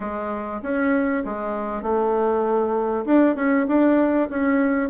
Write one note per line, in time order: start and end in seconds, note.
0.00 0.61 G#3
0.62 1.23 C#4
1.24 1.82 G#3
1.82 3.04 A3
3.05 3.35 D4
3.35 3.66 C#4
3.67 4.29 D4
4.29 4.89 C#4